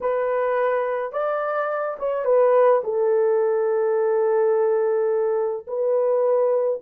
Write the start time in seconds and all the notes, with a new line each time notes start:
0.01 B4
1.12 D5
1.99 C#5
2.25 B4
2.83 A4
5.67 B4